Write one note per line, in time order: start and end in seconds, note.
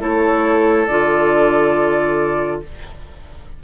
0.00 0.88 A3
0.00 0.87 E4
0.00 2.62 A4
0.00 0.87 C#5
0.87 2.62 D3
0.87 2.64 F4
0.87 2.61 D5